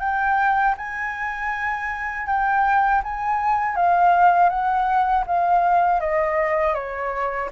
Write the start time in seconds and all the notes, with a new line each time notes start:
0.00 G5
0.77 G#5
2.27 G5
3.03 G#5
3.76 F5
4.49 F#5
5.26 F5
6.00 D#5
6.74 C#5